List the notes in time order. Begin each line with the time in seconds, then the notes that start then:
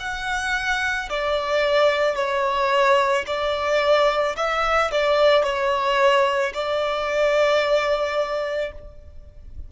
0.00 F#5
1.10 D5
2.16 C#5
3.27 D5
4.37 E5
4.92 D5
5.44 C#5
6.54 D5